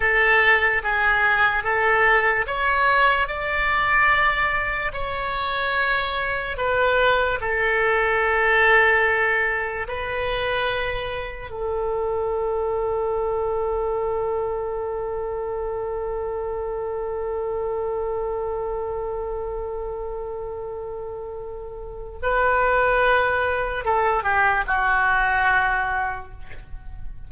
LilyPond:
\new Staff \with { instrumentName = "oboe" } { \time 4/4 \tempo 4 = 73 a'4 gis'4 a'4 cis''4 | d''2 cis''2 | b'4 a'2. | b'2 a'2~ |
a'1~ | a'1~ | a'2. b'4~ | b'4 a'8 g'8 fis'2 | }